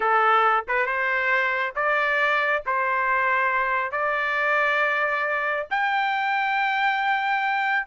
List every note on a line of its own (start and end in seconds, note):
0.00 0.64 A4
0.68 0.85 B4
0.85 1.73 C5
1.75 2.63 D5
2.65 3.91 C5
3.91 5.67 D5
5.70 7.86 G5